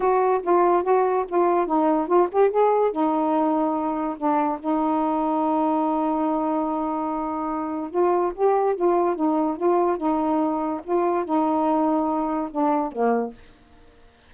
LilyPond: \new Staff \with { instrumentName = "saxophone" } { \time 4/4 \tempo 4 = 144 fis'4 f'4 fis'4 f'4 | dis'4 f'8 g'8 gis'4 dis'4~ | dis'2 d'4 dis'4~ | dis'1~ |
dis'2. f'4 | g'4 f'4 dis'4 f'4 | dis'2 f'4 dis'4~ | dis'2 d'4 ais4 | }